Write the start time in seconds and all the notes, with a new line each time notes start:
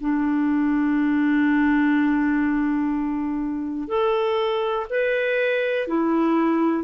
0.00 D4
3.88 A4
4.90 B4
5.87 E4